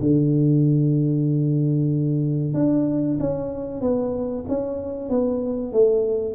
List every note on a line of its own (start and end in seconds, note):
0.00 2.54 D3
2.54 3.17 D4
3.19 3.81 C#4
3.81 4.45 B3
4.48 5.09 C#4
5.09 5.72 B3
5.72 6.34 A3